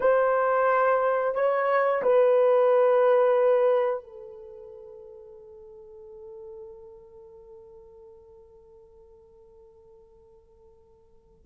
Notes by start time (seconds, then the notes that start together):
0.00 C5
1.34 C#5
2.02 B4
4.03 A4